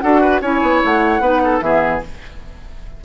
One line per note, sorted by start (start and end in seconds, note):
0.00 0.41 D4
0.00 0.42 F#4
0.00 0.21 A4
0.00 0.40 F#5
0.21 0.41 B4
0.41 0.61 C#4
0.41 1.22 E4
0.41 1.21 C#5
0.41 0.82 G#5
0.62 0.82 B3
0.84 1.20 A3
0.84 1.61 F#5
1.20 1.60 B3
1.20 1.61 D#4
1.20 1.42 B4
1.44 1.64 A4
1.61 2.02 E3
1.61 2.02 B3
1.61 2.04 G#4
1.61 2.01 E5